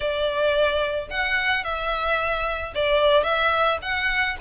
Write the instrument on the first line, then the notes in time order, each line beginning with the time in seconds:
violin
0.00 D5
1.10 F#5
1.64 E5
2.74 D5
3.23 E5
3.82 F#5